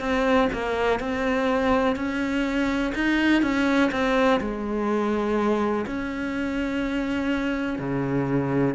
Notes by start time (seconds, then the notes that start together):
0.00 C4
0.53 A#3
1.00 C4
1.97 C#4
2.95 D#4
3.43 C#4
3.92 C4
4.41 G#3
5.87 C#4
7.79 C#3